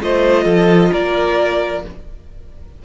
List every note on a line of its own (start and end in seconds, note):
0.00 0.45 A3
0.00 1.83 F4
0.00 0.44 C5
0.00 0.93 D#5
0.44 0.90 F3
0.44 0.90 A4
0.91 1.84 A#3
0.91 1.82 A#4
0.91 1.84 D5